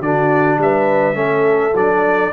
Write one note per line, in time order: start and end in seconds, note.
0.00 0.58 D3
0.00 1.14 D4
0.00 0.59 F#4
0.00 0.59 D5
0.58 1.15 G3
0.58 1.17 B4
0.58 1.76 E5
1.14 1.72 A3
1.14 1.72 C#4
1.14 2.32 A4
1.74 2.31 F#3
1.74 2.32 D4
1.74 2.32 D5